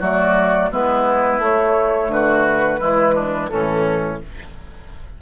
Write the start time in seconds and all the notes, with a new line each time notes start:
0.00 F#3 A3 F#4 D5
0.73 G#3 B3 E4 B4
1.39 A3 C#5
2.08 D3 F#4 B4
2.79 E3 G#3 E4
3.15 D4
3.48 A2 E3 C#4 A4